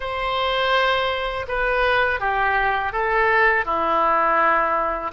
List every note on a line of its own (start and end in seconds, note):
0.00 1.45 C5
1.47 2.20 B4
2.20 2.92 G4
2.92 3.65 A4
3.65 5.11 E4